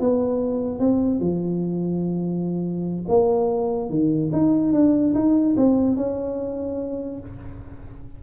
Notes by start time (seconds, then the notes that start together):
0.00 B3
0.79 C4
1.20 F3
3.08 A#3
3.89 D#3
4.32 D#4
4.73 D4
5.15 D#4
5.57 C4
5.96 C#4